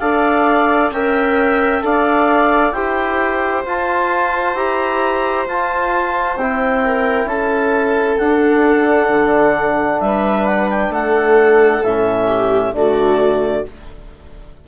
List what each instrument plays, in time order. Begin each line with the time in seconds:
0.00 bassoon D4, trombone A4, viola D5, clarinet F5
0.91 bassoon C#4, trombone A#4, viola E5, clarinet G5
1.82 bassoon D4, trombone A4, viola D5, clarinet F5
2.72 bassoon E4, trombone G4, viola C5, clarinet G5
3.66 bassoon F4, trombone F4, clarinet A5
4.55 bassoon E4, trombone G4, clarinet A#5
5.48 bassoon F4, trombone F4, clarinet A5
6.37 bassoon C4, trombone E4, clarinet G5
6.85 viola A#4
7.25 bassoon C#4, viola A4, clarinet A5
8.19 trombone D4, bassoon D4, clarinet F#5
9.10 bassoon D3
10.01 bassoon G3, viola B4, clarinet E5
10.46 clarinet F#5
10.70 clarinet G5
10.90 bassoon A3, viola A4, clarinet F#5
11.83 bassoon A2, trombone C#4, clarinet E5
12.27 viola G4
12.73 bassoon D3, trombone A3, viola F#4, clarinet D5